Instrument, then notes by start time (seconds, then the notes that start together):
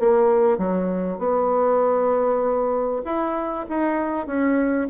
bassoon
0.00 A#3
0.58 F#3
1.19 B3
3.05 E4
3.69 D#4
4.27 C#4